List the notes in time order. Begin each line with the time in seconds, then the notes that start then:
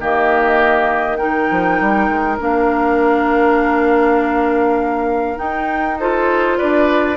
0.00 D#3 A#3 G4 D#5
1.16 D#4 A#4 G5
1.51 F3
1.81 G3
2.08 G#3
2.40 A#3 D4 F5
5.36 D#4 G5
5.99 F4 A4 C5
6.58 D4 B4 D5